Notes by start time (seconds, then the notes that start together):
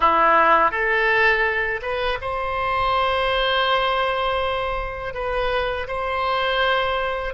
0.00 E4
0.71 A4
1.82 B4
2.21 C5
5.14 B4
5.87 C5